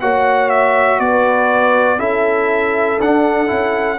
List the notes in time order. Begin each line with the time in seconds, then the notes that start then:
0.00 A#3 F#4 C#5 F#5
0.49 E5
0.99 B3 B4 D5
1.98 C#4 E4 A4 E5
3.00 D4 F#5
3.47 C#4 E4